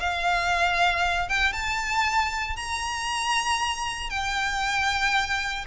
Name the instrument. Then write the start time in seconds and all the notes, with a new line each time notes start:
violin
0.00 F5
1.29 G5
1.53 A5
2.56 A#5
4.10 G5